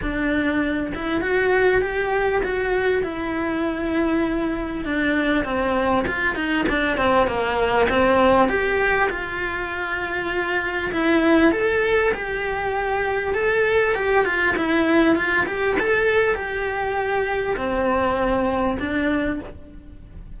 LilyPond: \new Staff \with { instrumentName = "cello" } { \time 4/4 \tempo 4 = 99 d'4. e'8 fis'4 g'4 | fis'4 e'2. | d'4 c'4 f'8 dis'8 d'8 c'8 | ais4 c'4 g'4 f'4~ |
f'2 e'4 a'4 | g'2 a'4 g'8 f'8 | e'4 f'8 g'8 a'4 g'4~ | g'4 c'2 d'4 | }